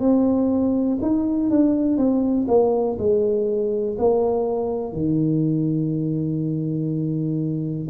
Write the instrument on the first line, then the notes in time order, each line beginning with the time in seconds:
tuba
0.00 C4
1.02 D#4
1.51 D4
1.98 C4
2.48 A#3
2.99 G#3
3.99 A#3
4.93 D#3